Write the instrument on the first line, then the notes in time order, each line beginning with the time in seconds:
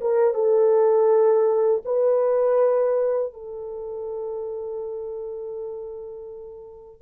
horn
0.00 A#4
0.34 A4
1.85 B4
3.33 A4